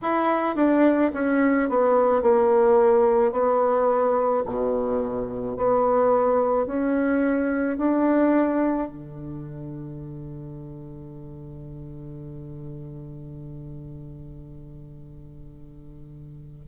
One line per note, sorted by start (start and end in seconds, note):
0.02 0.56 E4
0.56 1.11 D4
1.13 1.69 C#4
1.69 2.22 B3
2.22 3.32 A#3
3.32 4.43 B3
4.45 5.57 B2
5.57 6.66 B3
6.66 7.77 C#4
7.77 8.88 D4
8.88 16.66 D3